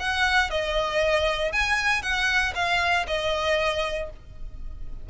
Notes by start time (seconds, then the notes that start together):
0.00 F#5
0.51 D#5
1.52 G#5
2.02 F#5
2.55 F5
3.07 D#5